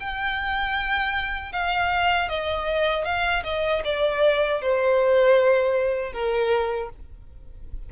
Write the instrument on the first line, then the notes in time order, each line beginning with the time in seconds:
violin
0.00 G5
1.52 F5
2.29 D#5
3.05 F5
3.44 D#5
3.84 D5
4.62 C5
6.13 A#4